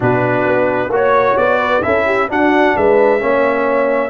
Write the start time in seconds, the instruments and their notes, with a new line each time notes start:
0.00 tuba B2, trombone D4, horn F#4, trumpet B4
0.46 tuba B3
0.89 tuba A#3, trombone F#4, horn C#5, trumpet C#5
1.37 tuba B3, trumpet D5
1.58 horn B4
1.82 tuba C#4, trombone E4, horn A4, trumpet E5
2.05 horn G4
2.28 tuba D4, trombone D4, horn F#4, trumpet F#5
2.76 tuba G#3, horn B4, trumpet E5
3.19 tuba A#3, trombone C#4, horn C#5